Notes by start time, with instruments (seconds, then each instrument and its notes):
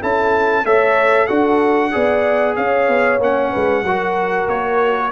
0.00 tuba C#4, trombone E4, horn A4, trumpet A5
0.65 tuba A3, trombone A4, horn C#5, trumpet E5
1.26 tuba D4, trombone F#4, horn A4, trumpet F#5
1.91 tuba B3, trombone G#4, horn D5
2.56 tuba C#4, horn C#5, trumpet F5
2.88 tuba B3
3.19 tuba A#3, trombone C#4, trumpet F#5
3.51 tuba G#3, horn B4
3.83 tuba F#3, trombone F#4, horn A#4
4.47 tuba A#3, trumpet C#5